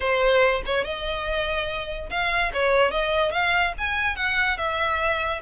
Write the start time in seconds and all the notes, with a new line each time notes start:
0.00 C5
0.65 C#5
0.84 D#5
2.09 F5
2.53 C#5
2.91 D#5
3.31 F5
3.78 G#5
4.16 F#5
4.57 E5